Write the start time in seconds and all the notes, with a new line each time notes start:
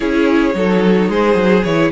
0.00 C#4 E4 G#4 C#5
0.53 F#3 D#4 A4
1.08 G#3 G#4 C5
1.34 F#3
1.63 E3 E4 C#5